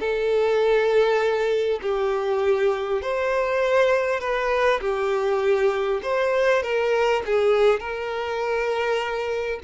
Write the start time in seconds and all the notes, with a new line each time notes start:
0.00 A4
1.82 G4
3.02 C5
4.21 B4
4.81 G4
6.03 C5
6.63 A#4
7.26 G#4
7.80 A#4